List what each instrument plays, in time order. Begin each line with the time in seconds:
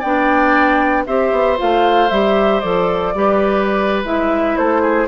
0.00 bassoon B3, clarinet D4, oboe D5, flute G5
1.07 bassoon C4, clarinet G4, oboe C5, flute E5
1.32 bassoon B3
1.57 bassoon A3, clarinet F4, flute F5
2.10 bassoon G3, clarinet G4, flute E5
2.61 bassoon F3, clarinet A4, flute D5
3.15 bassoon G3, clarinet G4, oboe B4
4.05 bassoon G#3, clarinet E4, flute E5
4.57 bassoon A3, oboe A4, flute C5
4.82 oboe G#4